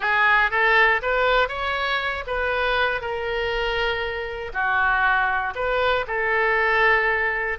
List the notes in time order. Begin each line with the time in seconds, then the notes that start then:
0.00 G#4
0.50 A4
1.02 B4
1.48 C#5
2.27 B4
3.01 A#4
4.53 F#4
5.55 B4
6.07 A4